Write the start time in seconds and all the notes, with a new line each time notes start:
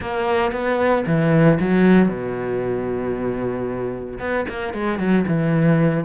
0.00 A#3
0.52 B3
1.06 E3
1.60 F#3
2.08 B2
4.19 B3
4.48 A#3
4.73 G#3
4.98 F#3
5.27 E3